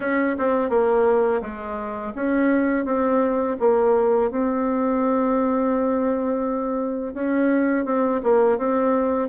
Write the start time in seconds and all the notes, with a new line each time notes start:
0.00 C#4
0.38 C4
0.69 A#3
1.41 G#3
2.15 C#4
2.85 C4
3.59 A#3
4.31 C4
7.14 C#4
7.85 C4
8.23 A#3
8.58 C4